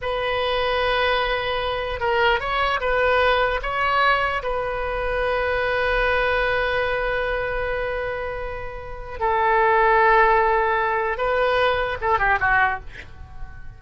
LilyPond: \new Staff \with { instrumentName = "oboe" } { \time 4/4 \tempo 4 = 150 b'1~ | b'4 ais'4 cis''4 b'4~ | b'4 cis''2 b'4~ | b'1~ |
b'1~ | b'2. a'4~ | a'1 | b'2 a'8 g'8 fis'4 | }